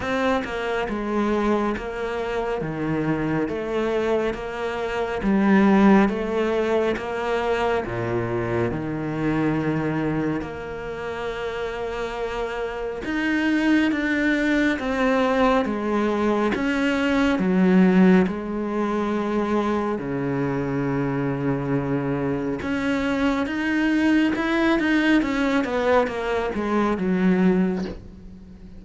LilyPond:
\new Staff \with { instrumentName = "cello" } { \time 4/4 \tempo 4 = 69 c'8 ais8 gis4 ais4 dis4 | a4 ais4 g4 a4 | ais4 ais,4 dis2 | ais2. dis'4 |
d'4 c'4 gis4 cis'4 | fis4 gis2 cis4~ | cis2 cis'4 dis'4 | e'8 dis'8 cis'8 b8 ais8 gis8 fis4 | }